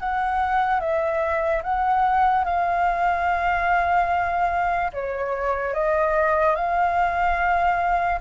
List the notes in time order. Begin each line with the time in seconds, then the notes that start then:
0.00 F#5
0.80 E5
1.63 F#5
2.45 F5
4.94 C#5
5.74 D#5
6.56 F5